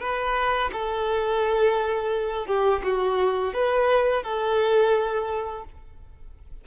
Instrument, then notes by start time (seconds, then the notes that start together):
violin
0.00 B4
0.73 A4
2.46 G4
2.83 F#4
3.54 B4
4.23 A4